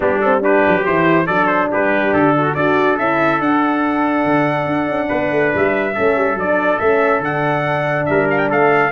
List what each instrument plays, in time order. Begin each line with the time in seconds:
0.00 tuba G3, horn B3, trumpet D4 G4
0.21 horn C4, trumpet A4
0.40 horn D4, trumpet G4 B4
0.67 tuba F#3
0.85 tuba E3, horn E4, trumpet C5
1.26 tuba F#3, horn D4, trumpet A4 D5
1.46 trumpet C5
1.71 tuba G3, trumpet G4 B4
2.13 tuba D3, trumpet A4
2.37 trumpet F#4
2.54 tuba D4, horn F#4, trumpet A4 D5
2.98 tuba C#4, horn E4, trumpet E5
3.40 tuba D4, horn D4, trumpet F#5
4.24 tuba D3
4.66 tuba D4
4.87 tuba C#4
5.08 tuba B3, trumpet B4
5.31 tuba A3
5.54 tuba G3, trumpet E5
5.94 tuba A3, horn C#4, trumpet A4
6.16 tuba G3
6.35 tuba F#3, horn D4, trumpet D5
6.79 tuba A3, horn C#4, trumpet E5
7.20 tuba D3, horn D4, trumpet F#5
8.05 tuba G3, trumpet A#4 E5
8.30 trumpet F5
8.37 trumpet G5
8.49 tuba A3, trumpet A4 F5